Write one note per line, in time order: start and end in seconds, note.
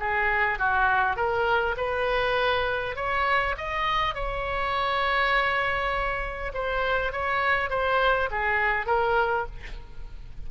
0.00 0.59 G#4
0.59 1.16 F#4
1.16 1.76 A#4
1.77 2.96 B4
2.96 3.55 C#5
3.57 4.14 D#5
4.14 6.52 C#5
6.54 7.12 C5
7.12 7.70 C#5
7.70 8.29 C5
8.31 8.86 G#4
8.86 9.46 A#4